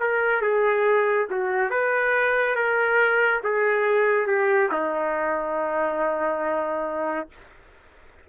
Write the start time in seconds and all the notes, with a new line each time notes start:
0.00 A#4
0.41 G#4
1.30 F#4
1.70 B4
2.55 A#4
3.43 G#4
4.27 G4
4.71 D#4